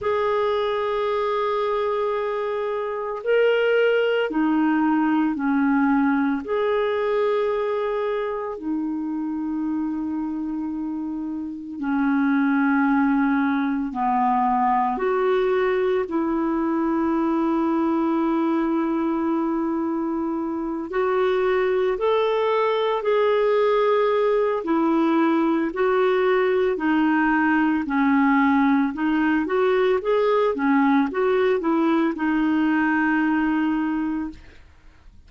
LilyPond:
\new Staff \with { instrumentName = "clarinet" } { \time 4/4 \tempo 4 = 56 gis'2. ais'4 | dis'4 cis'4 gis'2 | dis'2. cis'4~ | cis'4 b4 fis'4 e'4~ |
e'2.~ e'8 fis'8~ | fis'8 a'4 gis'4. e'4 | fis'4 dis'4 cis'4 dis'8 fis'8 | gis'8 cis'8 fis'8 e'8 dis'2 | }